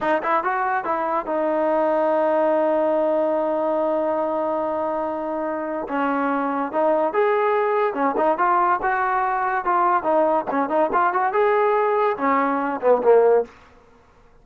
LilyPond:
\new Staff \with { instrumentName = "trombone" } { \time 4/4 \tempo 4 = 143 dis'8 e'8 fis'4 e'4 dis'4~ | dis'1~ | dis'1~ | dis'2 cis'2 |
dis'4 gis'2 cis'8 dis'8 | f'4 fis'2 f'4 | dis'4 cis'8 dis'8 f'8 fis'8 gis'4~ | gis'4 cis'4. b8 ais4 | }